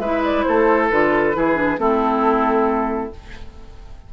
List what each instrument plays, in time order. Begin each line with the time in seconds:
0.00 bassoon G#3, clarinet E4, oboe B4, flute E5
0.24 flute D5
0.43 oboe A4, flute C5
0.49 bassoon A3
0.90 bassoon D3, clarinet F4, flute B4
1.34 bassoon E3, clarinet E4, oboe G#4
1.55 clarinet D4
1.78 bassoon A3, clarinet C4, oboe E4, flute A4